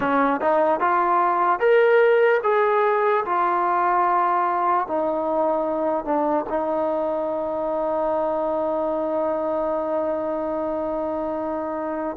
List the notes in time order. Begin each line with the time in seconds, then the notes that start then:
0.00 C#4
0.41 D#4
0.80 F4
1.59 A#4
2.43 G#4
3.25 F4
4.87 D#4
6.04 D4
6.49 D#4